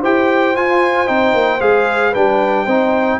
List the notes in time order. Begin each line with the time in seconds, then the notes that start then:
0.00 E4 G4 C5 G5
0.56 F4 G#5
1.07 C4 D#4 G5
1.34 A#3
1.60 G#3 G#4 F5
2.12 G3 D4 B4 G5
2.65 C4 D#4 C5